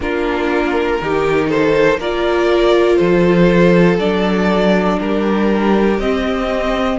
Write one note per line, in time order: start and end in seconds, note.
0.00 0.98 A#3
0.00 1.00 D4
0.00 1.01 F4
0.00 1.49 A#4
1.01 1.98 D#3
1.01 2.01 D#4
1.01 1.49 G4
1.49 1.99 A4
1.49 1.99 C5
1.98 2.98 A#3
1.98 4.00 F4
1.98 2.98 A#4
1.98 2.95 D5
2.95 3.98 F3
2.95 4.97 A4
2.95 3.95 C5
3.98 4.98 F#3
3.98 6.00 D4
3.98 4.99 D5
5.00 5.98 G3
5.00 6.98 G4
5.00 5.99 A#4
5.98 6.98 C4
5.98 6.98 D#5